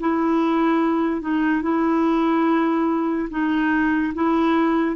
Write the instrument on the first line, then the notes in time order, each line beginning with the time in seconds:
clarinet
0.00 E4
1.21 D#4
1.62 E4
3.30 D#4
4.15 E4